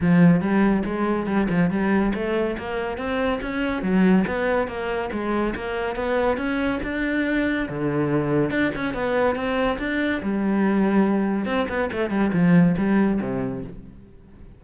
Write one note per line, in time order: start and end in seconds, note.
0.00 0.40 F3
0.40 0.83 G3
0.85 1.26 G#3
1.26 1.47 G3
1.49 1.70 F3
1.70 2.13 G3
2.14 2.56 A3
2.57 2.97 A#3
2.97 3.40 C4
3.41 3.82 C#4
3.82 4.25 F#3
4.27 4.67 B3
4.67 5.09 A#3
5.12 5.54 G#3
5.55 5.95 A#3
5.95 6.37 B3
6.37 6.79 C#4
6.83 7.68 D4
7.68 8.50 D3
8.50 8.71 D4
8.75 8.94 C#4
8.94 9.35 B3
9.35 9.78 C4
9.79 10.21 D4
10.22 11.45 G3
11.45 11.67 C4
11.68 11.90 B3
11.92 12.09 A3
12.09 12.31 G3
12.33 12.75 F3
12.77 13.20 G3
13.21 13.63 C3